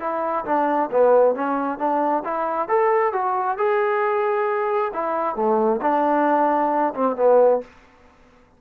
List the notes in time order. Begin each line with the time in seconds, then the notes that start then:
0.00 E4
0.46 D4
0.91 B3
1.35 C#4
1.78 D4
2.24 E4
2.68 A4
3.13 F#4
3.58 G#4
4.94 E4
5.36 A3
5.82 D4
6.94 C4
7.16 B3